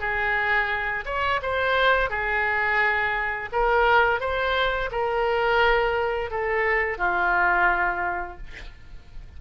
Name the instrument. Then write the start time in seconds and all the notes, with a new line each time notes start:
oboe
0.00 G#4
1.06 C#5
1.42 C5
2.10 G#4
3.52 A#4
4.21 C5
4.92 A#4
6.31 A4
6.98 F4